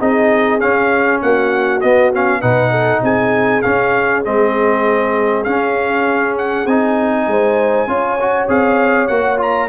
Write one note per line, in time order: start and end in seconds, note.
0.00 0.61 C4
0.00 0.59 D#4
0.00 1.21 G#4
0.00 0.60 D#5
0.59 1.80 C#4
0.59 1.22 C#4
0.59 1.21 F5
1.21 1.83 A#3
1.21 2.40 F#4
1.21 1.81 F#5
1.81 2.43 B3
1.81 2.13 B3
1.81 2.11 D#5
2.13 2.42 C#4
2.13 2.42 F5
2.40 3.03 B2
2.40 3.63 D#4
2.40 2.71 B4
2.40 3.02 F#5
2.71 3.01 A4
3.03 3.63 C4
3.03 7.27 G#4
3.03 3.62 G#5
3.62 4.25 C#4
3.62 4.26 C#4
3.62 4.23 F5
4.25 5.46 G#3
4.25 5.46 C4
4.25 5.44 D#5
5.44 6.66 C#4
5.44 6.67 C#4
5.44 6.35 F5
6.38 6.67 F#5
6.66 7.27 C4
6.66 7.88 D#4
6.66 8.48 G#5
7.27 7.87 G#3
7.27 7.89 C5
7.87 8.48 C#4
7.87 8.18 F4
7.87 9.69 C#5
8.20 8.48 F#4
8.48 9.09 C4
8.48 9.09 G#4
8.48 9.08 F5
9.08 9.69 A#3
9.08 9.37 F#4
9.08 9.38 F#5
9.37 9.67 F4
9.37 9.69 A#5